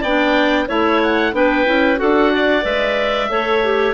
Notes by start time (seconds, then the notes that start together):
0.00 B3 D4 D5 G5
0.67 A3 E4 C#5 E5
1.02 F#5
1.32 B3 D4 B4 G5
1.65 C#4 E4
1.96 D4 F#4 A4 F#5
2.33 D5
2.62 G#3 B4 E5
3.29 A3 A4 C#5
3.64 G4